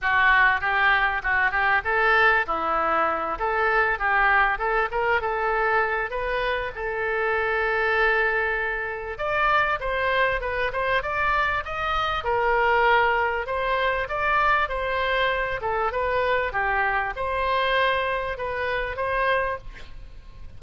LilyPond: \new Staff \with { instrumentName = "oboe" } { \time 4/4 \tempo 4 = 98 fis'4 g'4 fis'8 g'8 a'4 | e'4. a'4 g'4 a'8 | ais'8 a'4. b'4 a'4~ | a'2. d''4 |
c''4 b'8 c''8 d''4 dis''4 | ais'2 c''4 d''4 | c''4. a'8 b'4 g'4 | c''2 b'4 c''4 | }